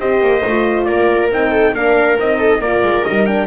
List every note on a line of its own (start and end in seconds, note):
0.00 0.21 C4
0.00 0.44 G4
0.00 0.88 C5
0.00 0.85 D#5
0.21 0.43 A#3
0.46 0.89 A3
0.46 1.31 F4
0.85 1.32 A#3
0.85 1.51 A#4
0.85 1.29 D5
1.31 1.74 C4
1.31 1.75 D#4
1.31 1.75 G5
1.51 1.73 A4
1.74 2.18 A#3
1.74 2.19 D4
1.74 2.39 A#4
1.74 2.19 F5
2.19 2.60 C4
2.19 2.63 D#4
2.19 2.62 D#5
2.39 2.60 A4
2.60 2.82 A#3
2.60 3.07 F4
2.60 3.48 A#4
2.60 3.05 D5
2.83 3.05 G#3
3.05 3.48 G3
3.05 3.27 D#4
3.05 3.26 D#5
3.26 3.48 D4
3.26 3.48 G5